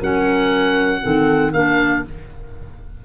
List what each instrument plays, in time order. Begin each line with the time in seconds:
0.00 tuba F#3, clarinet C#4, horn A#4, oboe F#5
1.02 tuba D#3, clarinet C4, horn A4
1.53 tuba A#3, clarinet D4, horn A#4, oboe F5